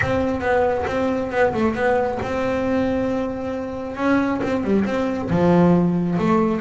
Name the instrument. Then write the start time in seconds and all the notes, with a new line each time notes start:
double bass
0.01 C4
0.40 B3
0.86 C4
1.31 B3
1.53 A3
1.74 B3
2.22 C4
3.96 C#4
4.42 C4
4.64 G3
4.85 C4
5.30 F3
6.18 A3